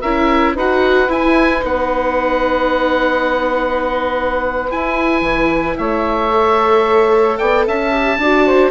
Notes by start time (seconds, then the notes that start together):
0.00 C#4 E4 A#4 E5
0.54 D#4 F#4 B4 F#5
1.07 E4 G#5
1.59 B3 D#4 F#5
4.70 E4 G#5
5.21 E3
5.77 A3 C#5 E5
6.30 A4
7.38 B3 D5 G5
7.66 C#4 E5 A5
7.91 G4
8.18 D4 F#4 D5
8.45 C5